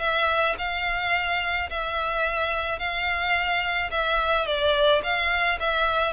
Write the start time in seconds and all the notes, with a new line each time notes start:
0.00 E5
0.59 F5
1.70 E5
2.79 F5
3.91 E5
4.46 D5
5.04 F5
5.60 E5